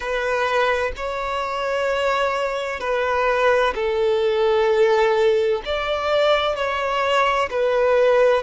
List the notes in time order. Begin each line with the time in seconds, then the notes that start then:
0.00 B4
0.96 C#5
2.80 B4
3.74 A4
5.65 D5
6.55 C#5
7.50 B4